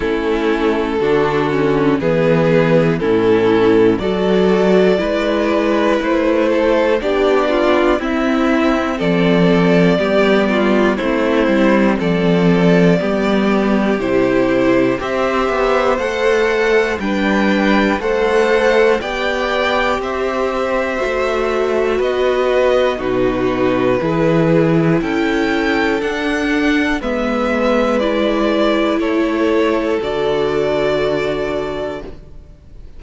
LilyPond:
<<
  \new Staff \with { instrumentName = "violin" } { \time 4/4 \tempo 4 = 60 a'2 b'4 a'4 | d''2 c''4 d''4 | e''4 d''2 c''4 | d''2 c''4 e''4 |
fis''4 g''4 fis''4 g''4 | e''2 dis''4 b'4~ | b'4 g''4 fis''4 e''4 | d''4 cis''4 d''2 | }
  \new Staff \with { instrumentName = "violin" } { \time 4/4 e'4 fis'4 gis'4 e'4 | a'4 b'4. a'8 g'8 f'8 | e'4 a'4 g'8 f'8 e'4 | a'4 g'2 c''4~ |
c''4 b'4 c''4 d''4 | c''2 b'4 fis'4 | gis'4 a'2 b'4~ | b'4 a'2. | }
  \new Staff \with { instrumentName = "viola" } { \time 4/4 cis'4 d'8 cis'8 b4 cis'4 | fis'4 e'2 d'4 | c'2 b4 c'4~ | c'4 b4 e'4 g'4 |
a'4 d'4 a'4 g'4~ | g'4 fis'2 dis'4 | e'2 d'4 b4 | e'2 fis'2 | }
  \new Staff \with { instrumentName = "cello" } { \time 4/4 a4 d4 e4 a,4 | fis4 gis4 a4 b4 | c'4 f4 g4 a8 g8 | f4 g4 c4 c'8 b8 |
a4 g4 a4 b4 | c'4 a4 b4 b,4 | e4 cis'4 d'4 gis4~ | gis4 a4 d2 | }
>>